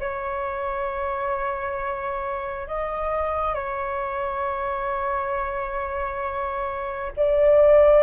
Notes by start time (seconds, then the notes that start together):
0.00 C#5
2.67 D#5
3.55 C#5
7.17 D5